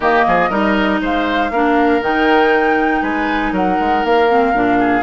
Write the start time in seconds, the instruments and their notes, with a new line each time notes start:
0.00 bassoon D#3, clarinet A#3, oboe G4, flute D#5
0.27 bassoon F3, oboe G#4
0.49 bassoon G3, clarinet D#4, oboe A#4
1.01 bassoon G#3, oboe C5, flute F5
1.50 bassoon A#3, clarinet D4, oboe A#4
2.01 bassoon D#3, clarinet D#4, flute G5
3.01 bassoon G#3, oboe B4, flute G#5
3.51 bassoon F#3, oboe A#4, flute F#5
3.80 bassoon G#3
4.03 bassoon A#3, flute F5
4.29 clarinet C4
4.53 bassoon A#2, clarinet D4
4.79 oboe G#4